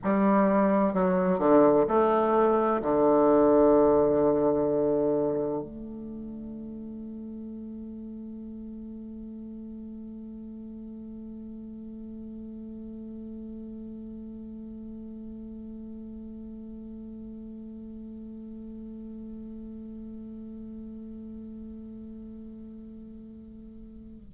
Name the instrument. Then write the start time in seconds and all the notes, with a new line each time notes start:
bassoon
0.03 G3
0.93 F#3
1.38 D3
1.87 A3
2.82 D3
5.62 A3